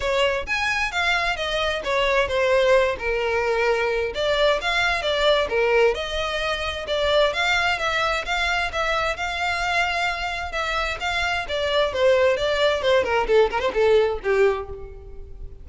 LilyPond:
\new Staff \with { instrumentName = "violin" } { \time 4/4 \tempo 4 = 131 cis''4 gis''4 f''4 dis''4 | cis''4 c''4. ais'4.~ | ais'4 d''4 f''4 d''4 | ais'4 dis''2 d''4 |
f''4 e''4 f''4 e''4 | f''2. e''4 | f''4 d''4 c''4 d''4 | c''8 ais'8 a'8 ais'16 c''16 a'4 g'4 | }